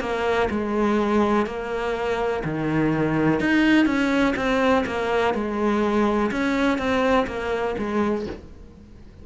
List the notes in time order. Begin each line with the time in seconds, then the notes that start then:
0.00 A#3
0.50 G#3
1.46 A#3
2.44 D#3
3.40 D#4
3.86 C#4
4.36 C4
4.86 A#3
5.34 G#3
6.31 C#4
6.78 C4
7.27 A#3
7.78 G#3